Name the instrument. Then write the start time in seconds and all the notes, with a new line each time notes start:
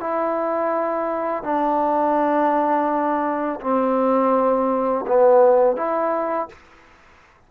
trombone
0.00 E4
1.43 D4
3.61 C4
5.08 B3
5.77 E4